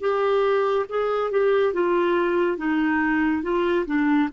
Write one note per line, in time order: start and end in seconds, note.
0.00 0.86 G4
0.89 1.31 G#4
1.31 1.73 G4
1.73 2.57 F4
2.57 3.42 D#4
3.42 3.85 F4
3.86 4.29 D4